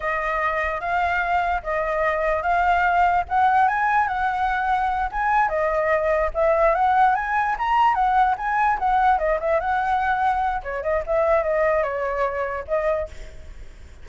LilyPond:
\new Staff \with { instrumentName = "flute" } { \time 4/4 \tempo 4 = 147 dis''2 f''2 | dis''2 f''2 | fis''4 gis''4 fis''2~ | fis''8 gis''4 dis''2 e''8~ |
e''8 fis''4 gis''4 ais''4 fis''8~ | fis''8 gis''4 fis''4 dis''8 e''8 fis''8~ | fis''2 cis''8 dis''8 e''4 | dis''4 cis''2 dis''4 | }